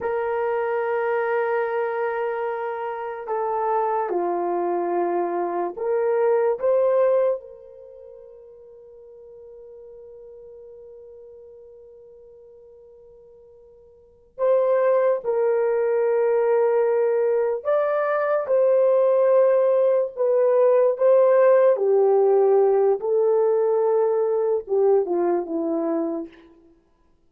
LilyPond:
\new Staff \with { instrumentName = "horn" } { \time 4/4 \tempo 4 = 73 ais'1 | a'4 f'2 ais'4 | c''4 ais'2.~ | ais'1~ |
ais'4. c''4 ais'4.~ | ais'4. d''4 c''4.~ | c''8 b'4 c''4 g'4. | a'2 g'8 f'8 e'4 | }